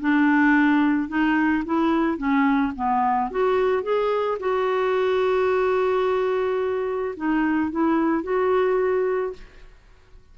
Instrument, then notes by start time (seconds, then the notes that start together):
clarinet
0.00 D4
1.09 D#4
1.65 E4
2.17 C#4
2.75 B3
3.31 F#4
3.83 G#4
4.40 F#4
7.17 D#4
7.71 E4
8.23 F#4